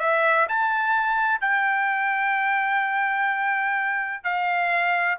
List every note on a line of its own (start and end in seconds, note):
0.00 0.47 E5
0.49 1.41 A5
1.41 4.24 G5
4.24 5.18 F5